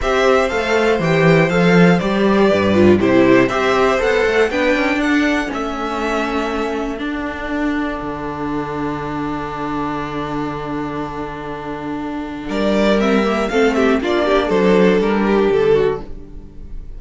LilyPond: <<
  \new Staff \with { instrumentName = "violin" } { \time 4/4 \tempo 4 = 120 e''4 f''4 g''4 f''4 | d''2 c''4 e''4 | fis''4 g''4 fis''4 e''4~ | e''2 fis''2~ |
fis''1~ | fis''1~ | fis''4 d''4 e''4 f''8 e''8 | d''4 c''4 ais'4 a'4 | }
  \new Staff \with { instrumentName = "violin" } { \time 4/4 c''1~ | c''4 b'4 g'4 c''4~ | c''4 b'4 a'2~ | a'1~ |
a'1~ | a'1~ | a'4 ais'2 a'8 g'8 | f'8 g'8 a'4. g'4 fis'8 | }
  \new Staff \with { instrumentName = "viola" } { \time 4/4 g'4 a'4 g'4 a'4 | g'4. f'8 e'4 g'4 | a'4 d'2 cis'4~ | cis'2 d'2~ |
d'1~ | d'1~ | d'2 c'8 ais8 c'4 | d'1 | }
  \new Staff \with { instrumentName = "cello" } { \time 4/4 c'4 a4 e4 f4 | g4 g,4 c4 c'4 | b8 a8 b8 cis'8 d'4 a4~ | a2 d'2 |
d1~ | d1~ | d4 g2 a4 | ais4 fis4 g4 d4 | }
>>